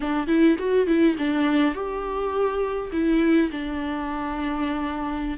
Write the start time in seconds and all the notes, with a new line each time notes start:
0.00 D4
0.27 E4
0.58 F#4
0.86 E4
1.18 D4
1.74 G4
2.92 E4
3.51 D4